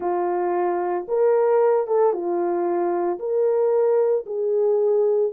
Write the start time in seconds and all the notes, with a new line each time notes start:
0.00 F4
1.08 A#4
1.87 A4
2.12 F4
3.19 A#4
4.26 G#4